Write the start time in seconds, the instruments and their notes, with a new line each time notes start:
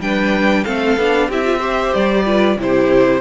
0.00 cello G3, viola D4, violin B4 G5
0.65 cello A3, viola C4, violin A4 F5
0.97 cello B3, viola D4
1.29 cello C4, viola E4, violin G4 E5
1.45 viola F4
1.60 viola G4, violin C5
1.95 cello G3, violin D5
2.26 viola F4, violin B4
2.57 cello C3, viola E4, violin C5
2.64 violin G4